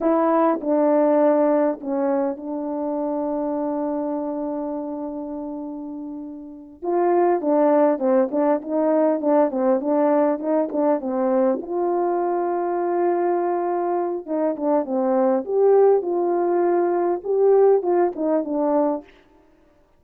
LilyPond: \new Staff \with { instrumentName = "horn" } { \time 4/4 \tempo 4 = 101 e'4 d'2 cis'4 | d'1~ | d'2.~ d'8 f'8~ | f'8 d'4 c'8 d'8 dis'4 d'8 |
c'8 d'4 dis'8 d'8 c'4 f'8~ | f'1 | dis'8 d'8 c'4 g'4 f'4~ | f'4 g'4 f'8 dis'8 d'4 | }